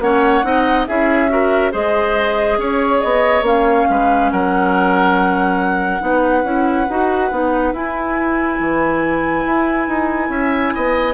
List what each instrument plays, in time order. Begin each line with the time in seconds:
0.00 bassoon A#3, clarinet C#4, oboe C#5, flute F#5
0.44 bassoon C4, clarinet D#4, oboe D#5
0.87 bassoon C#4, clarinet E4, oboe G#4, flute E5
1.29 clarinet F#4, oboe A#4
1.72 bassoon G#3, clarinet G#4, oboe C5, flute D#5
2.58 bassoon C#4, oboe C#5, flute C#5
3.01 bassoon B3, flute D#5
3.42 bassoon A#3, clarinet C#4, flute F5
3.90 bassoon G#3, oboe B4
4.31 bassoon F#3, oboe A#4, flute F#5
6.01 bassoon B3, clarinet D#4, oboe B4
6.44 bassoon C#4, clarinet E4
6.90 bassoon D#4, clarinet F#4
7.31 bassoon B3, clarinet D#4
7.73 bassoon E4, clarinet E4, flute G#5
8.60 bassoon E3
9.46 bassoon E4
9.88 bassoon D#4
10.29 bassoon C#4, oboe E5
10.75 bassoon B3, oboe D#5